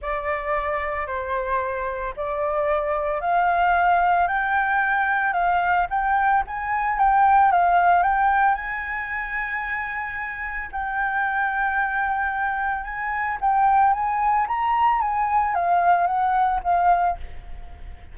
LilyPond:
\new Staff \with { instrumentName = "flute" } { \time 4/4 \tempo 4 = 112 d''2 c''2 | d''2 f''2 | g''2 f''4 g''4 | gis''4 g''4 f''4 g''4 |
gis''1 | g''1 | gis''4 g''4 gis''4 ais''4 | gis''4 f''4 fis''4 f''4 | }